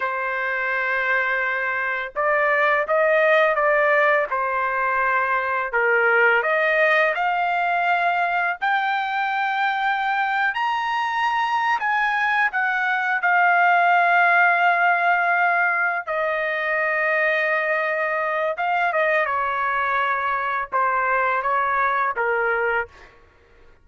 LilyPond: \new Staff \with { instrumentName = "trumpet" } { \time 4/4 \tempo 4 = 84 c''2. d''4 | dis''4 d''4 c''2 | ais'4 dis''4 f''2 | g''2~ g''8. ais''4~ ais''16~ |
ais''8 gis''4 fis''4 f''4.~ | f''2~ f''8 dis''4.~ | dis''2 f''8 dis''8 cis''4~ | cis''4 c''4 cis''4 ais'4 | }